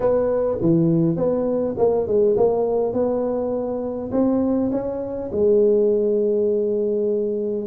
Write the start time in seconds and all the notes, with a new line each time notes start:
0.00 B3
0.61 E3
1.16 B3
1.77 A#3
2.07 G#3
2.37 A#3
2.93 B3
4.11 C4
4.71 C#4
5.32 G#3